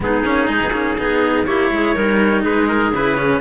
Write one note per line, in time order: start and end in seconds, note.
0.00 0.22 G#3
0.00 0.24 B3
0.00 1.00 D#4
0.00 1.45 G#4
0.24 0.48 A#3
0.24 0.46 C#4
0.46 0.60 G#3
0.46 0.71 D#4
0.62 0.70 B3
0.70 0.94 A#3
0.70 0.97 C#4
0.98 1.45 B3
0.98 1.47 D#4
0.98 1.47 G#4
1.45 1.69 A#3
1.45 1.95 E4
1.45 1.71 G4
1.45 2.42 C#5
1.70 1.95 G#3
1.70 1.94 G#4
1.94 2.44 G3
1.94 2.93 D#4
1.94 2.42 A#4
2.42 2.91 G#3
2.42 3.40 G#4
2.42 2.68 B4
2.68 2.92 A#4
2.91 3.40 C#3
2.91 3.17 E4
2.91 3.41 B4
3.17 3.41 C#4